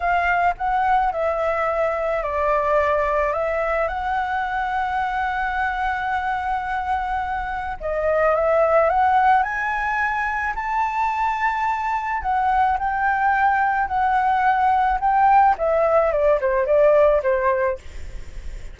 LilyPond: \new Staff \with { instrumentName = "flute" } { \time 4/4 \tempo 4 = 108 f''4 fis''4 e''2 | d''2 e''4 fis''4~ | fis''1~ | fis''2 dis''4 e''4 |
fis''4 gis''2 a''4~ | a''2 fis''4 g''4~ | g''4 fis''2 g''4 | e''4 d''8 c''8 d''4 c''4 | }